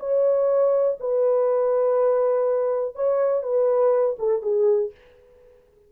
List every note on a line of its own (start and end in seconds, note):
0.00 0.98 C#5
1.00 2.96 B4
2.96 3.43 C#5
3.43 4.17 B4
4.19 4.42 A4
4.42 4.91 G#4